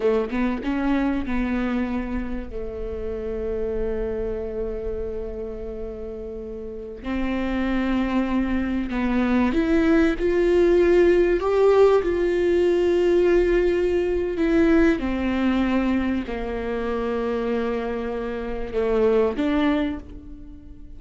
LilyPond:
\new Staff \with { instrumentName = "viola" } { \time 4/4 \tempo 4 = 96 a8 b8 cis'4 b2 | a1~ | a2.~ a16 c'8.~ | c'2~ c'16 b4 e'8.~ |
e'16 f'2 g'4 f'8.~ | f'2. e'4 | c'2 ais2~ | ais2 a4 d'4 | }